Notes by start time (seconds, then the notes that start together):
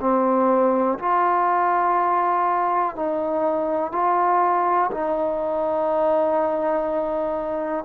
0.00 C4
0.99 F4
2.96 D#4
3.92 F4
4.91 D#4